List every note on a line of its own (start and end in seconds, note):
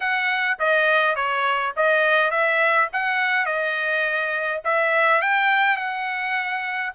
0.00 0.58 F#5
0.59 1.15 D#5
1.15 1.73 C#5
1.76 2.30 D#5
2.30 2.88 E5
2.92 3.45 F#5
3.45 4.61 D#5
4.64 5.21 E5
5.21 5.77 G5
5.77 6.92 F#5